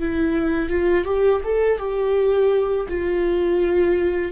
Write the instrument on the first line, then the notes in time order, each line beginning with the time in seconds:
viola
0.00 E4
0.69 F4
1.05 G4
1.44 A4
1.78 G4
2.89 F4